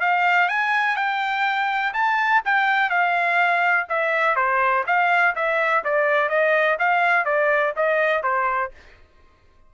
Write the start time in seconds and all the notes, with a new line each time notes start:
0.00 F5
0.48 G#5
0.96 G5
1.93 A5
2.45 G5
2.90 F5
3.89 E5
4.36 C5
4.86 F5
5.35 E5
5.84 D5
6.29 D#5
6.79 F5
7.25 D5
7.76 D#5
8.23 C5